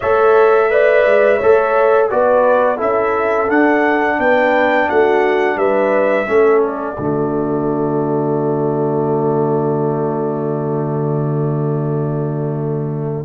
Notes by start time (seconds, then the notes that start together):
0.00 A3 A4 C#5 E5
0.70 B4 D5
1.05 G#3
1.37 A3 A4 C#5
2.10 B3 F#4 B4 D5
2.76 C#4 E4 A4 E5
3.47 D4 F#5
4.18 B3 B4 G5
4.89 A3 F#4 F#5
5.56 G3 B4 E5
6.26 A3 C#4 A4
6.60 D5
6.96 D3 A3 F#4